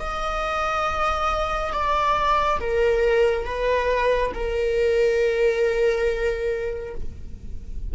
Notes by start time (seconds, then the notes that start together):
0.00 D#5
1.73 D5
2.60 A#4
3.45 B4
4.34 A#4